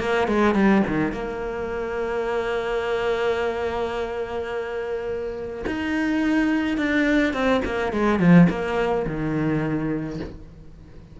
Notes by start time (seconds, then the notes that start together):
0.00 A#3
0.28 G#3
0.55 G3
0.88 D#3
1.12 A#3
5.67 D#4
6.78 D4
7.33 C4
7.65 A#3
7.93 G#3
8.20 F3
8.50 A#3
9.07 D#3